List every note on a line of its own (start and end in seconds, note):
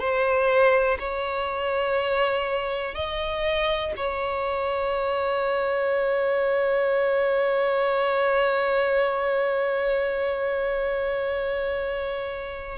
0.00 0.98 C5
1.00 2.95 C#5
2.95 3.93 D#5
3.97 12.79 C#5